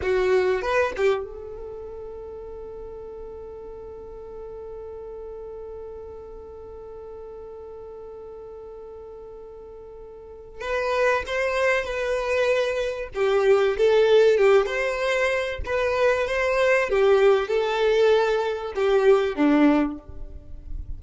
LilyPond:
\new Staff \with { instrumentName = "violin" } { \time 4/4 \tempo 4 = 96 fis'4 b'8 g'8 a'2~ | a'1~ | a'1~ | a'1~ |
a'4 b'4 c''4 b'4~ | b'4 g'4 a'4 g'8 c''8~ | c''4 b'4 c''4 g'4 | a'2 g'4 d'4 | }